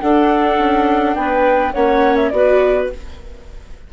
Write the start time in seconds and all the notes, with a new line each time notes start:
0.00 D4 A4 F#5
0.58 C#4
1.15 B3 B4 G5
1.74 A#3 C#4 C#5 F#5
2.17 E5
2.30 B3 F#4 B4 D5